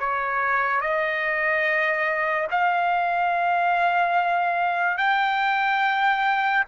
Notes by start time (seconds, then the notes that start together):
0.00 C#5
0.81 D#5
2.51 F5
4.98 G5